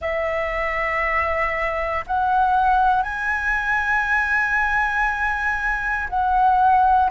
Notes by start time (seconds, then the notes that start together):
0.00 E5
2.07 F#5
3.02 G#5
6.09 F#5